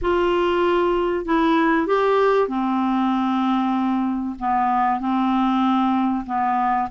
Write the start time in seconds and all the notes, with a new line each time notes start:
0.01 F4
1.25 E4
1.87 G4
2.48 C4
4.39 B3
4.99 C4
6.26 B3